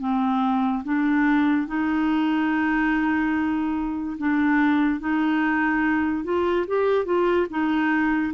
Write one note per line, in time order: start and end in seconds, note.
0.00 0.83 C4
0.84 1.67 D4
1.67 4.17 D#4
4.18 5.00 D4
5.00 6.25 D#4
6.25 6.66 F4
6.67 7.05 G4
7.05 7.47 F4
7.50 8.34 D#4